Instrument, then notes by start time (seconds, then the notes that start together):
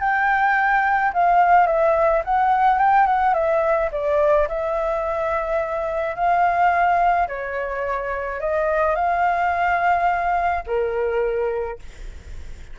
flute
0.00 G5
1.13 F5
1.66 E5
2.25 F#5
2.79 G5
3.07 F#5
3.34 E5
3.92 D5
4.48 E5
6.15 F5
7.28 C#5
8.40 D#5
8.95 F5
10.67 A#4